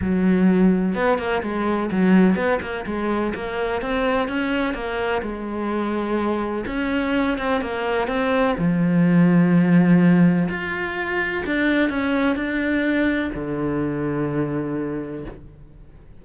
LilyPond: \new Staff \with { instrumentName = "cello" } { \time 4/4 \tempo 4 = 126 fis2 b8 ais8 gis4 | fis4 b8 ais8 gis4 ais4 | c'4 cis'4 ais4 gis4~ | gis2 cis'4. c'8 |
ais4 c'4 f2~ | f2 f'2 | d'4 cis'4 d'2 | d1 | }